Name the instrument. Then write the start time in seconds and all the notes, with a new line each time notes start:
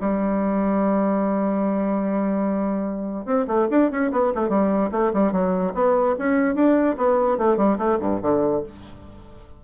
bassoon
0.00 G3
3.25 C4
3.47 A3
3.70 D4
3.91 C#4
4.12 B3
4.35 A3
4.49 G3
4.91 A3
5.13 G3
5.32 F#3
5.74 B3
6.18 C#4
6.55 D4
6.97 B3
7.38 A3
7.57 G3
7.78 A3
8.00 G2
8.22 D3